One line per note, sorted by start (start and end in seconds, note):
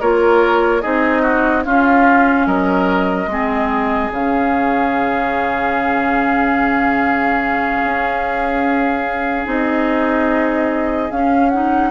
0.00 0.83 A#3
0.00 0.82 F4
0.00 0.82 A#4
0.00 0.81 C#5
0.81 1.66 C4
0.81 1.64 D#4
0.81 1.22 G#4
0.81 1.64 D#5
1.22 1.63 F#4
1.64 3.28 C#4
1.64 2.46 C#4
1.64 2.47 F4
1.64 2.47 F5
2.46 3.27 F#3
2.46 3.29 A#4
2.46 4.11 D#5
3.27 4.09 G#3
3.27 4.11 C4
3.27 11.90 G#4
4.11 7.81 C#3
4.11 9.45 C#4
4.11 9.48 F5
7.84 9.46 C#4
9.45 11.10 C4
9.45 11.10 D#4
9.45 11.11 D#5
11.10 11.52 C#4
11.10 11.90 C#4
11.10 11.49 F5
11.49 11.90 D#4
11.49 11.90 F#5